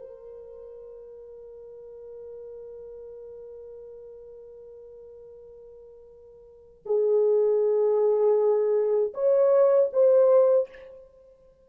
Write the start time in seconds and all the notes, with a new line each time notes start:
0.00 A#4
6.86 G#4
9.14 C#5
9.93 C5